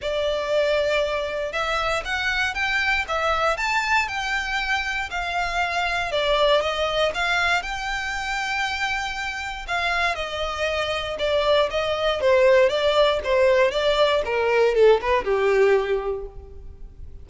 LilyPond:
\new Staff \with { instrumentName = "violin" } { \time 4/4 \tempo 4 = 118 d''2. e''4 | fis''4 g''4 e''4 a''4 | g''2 f''2 | d''4 dis''4 f''4 g''4~ |
g''2. f''4 | dis''2 d''4 dis''4 | c''4 d''4 c''4 d''4 | ais'4 a'8 b'8 g'2 | }